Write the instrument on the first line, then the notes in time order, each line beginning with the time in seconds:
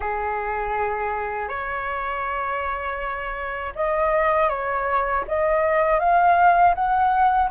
flute
0.00 G#4
1.48 C#5
3.75 D#5
4.49 C#5
5.27 D#5
5.99 F5
6.75 F#5